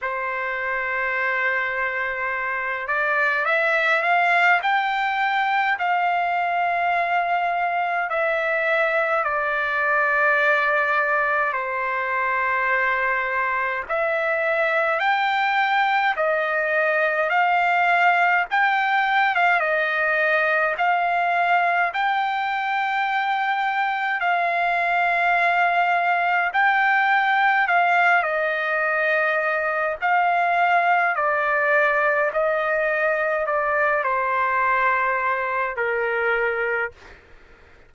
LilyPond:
\new Staff \with { instrumentName = "trumpet" } { \time 4/4 \tempo 4 = 52 c''2~ c''8 d''8 e''8 f''8 | g''4 f''2 e''4 | d''2 c''2 | e''4 g''4 dis''4 f''4 |
g''8. f''16 dis''4 f''4 g''4~ | g''4 f''2 g''4 | f''8 dis''4. f''4 d''4 | dis''4 d''8 c''4. ais'4 | }